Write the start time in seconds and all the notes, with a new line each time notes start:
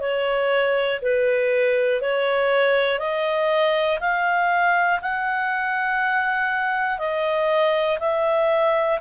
0.00 C#5
1.01 B4
2.01 C#5
2.99 D#5
4.00 F5
5.01 F#5
6.98 D#5
7.99 E5